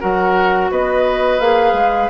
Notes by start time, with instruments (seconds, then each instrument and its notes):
0.00 bassoon F#3, clarinet F#4, oboe A#4, flute F#5
0.71 bassoon B3, oboe B4, flute D#5
1.40 bassoon A#3, clarinet G#4, flute F5
1.74 bassoon G#3